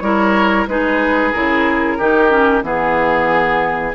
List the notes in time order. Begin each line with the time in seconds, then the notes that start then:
0.00 G3 E4 A#4 C#5
0.68 G#3 D#4 G#4 B4
1.33 C#3 E4 A#4
1.98 D#3 D#4 G4
2.30 C#4
2.63 E3 B3 G#4